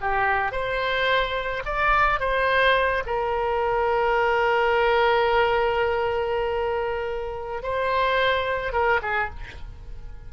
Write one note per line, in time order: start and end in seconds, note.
0.00 0.52 G4
0.52 1.63 C5
1.65 2.19 D5
2.19 3.03 C5
3.06 7.62 A#4
7.62 8.72 C5
8.72 9.00 A#4
9.02 9.30 G#4